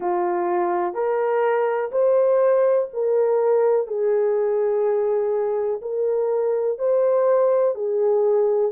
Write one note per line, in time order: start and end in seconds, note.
0.00 0.94 F4
0.94 1.90 A#4
1.91 2.88 C5
2.93 3.87 A#4
3.87 5.81 G#4
5.81 6.78 A#4
6.78 7.75 C5
7.75 8.71 G#4